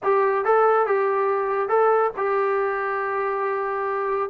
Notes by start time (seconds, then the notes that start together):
0.03 G4
0.44 A4
0.86 G4
1.68 A4
2.16 G4